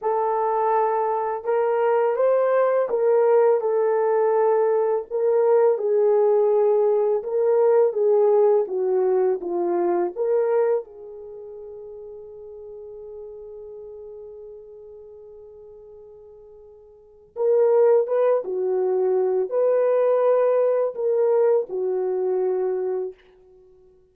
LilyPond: \new Staff \with { instrumentName = "horn" } { \time 4/4 \tempo 4 = 83 a'2 ais'4 c''4 | ais'4 a'2 ais'4 | gis'2 ais'4 gis'4 | fis'4 f'4 ais'4 gis'4~ |
gis'1~ | gis'1 | ais'4 b'8 fis'4. b'4~ | b'4 ais'4 fis'2 | }